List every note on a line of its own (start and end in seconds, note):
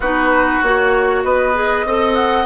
0.00 0.59 B3
0.00 0.63 D#4
0.00 1.23 F#4
0.00 0.61 B4
0.61 1.23 A#3
0.61 1.54 F#4
0.61 1.23 C#5
1.23 1.85 B3
1.23 1.86 B4
1.23 2.15 D#5
1.54 1.85 G#4
1.85 2.45 C4
1.85 2.45 A4
1.85 2.45 D#5
2.15 2.45 F#5